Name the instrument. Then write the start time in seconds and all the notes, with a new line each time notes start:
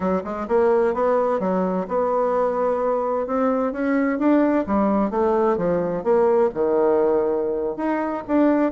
bassoon
0.00 F#3
0.23 G#3
0.48 A#3
0.93 B3
1.39 F#3
1.88 B3
3.26 C4
3.72 C#4
4.18 D4
4.66 G3
5.10 A3
5.57 F3
6.03 A#3
6.54 D#3
7.76 D#4
8.27 D4